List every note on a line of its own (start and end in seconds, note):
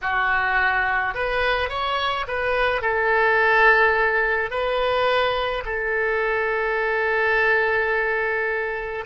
0.01 1.14 F#4
1.14 1.69 B4
1.69 2.25 C#5
2.27 2.81 B4
2.81 4.50 A4
4.50 5.63 B4
5.65 9.04 A4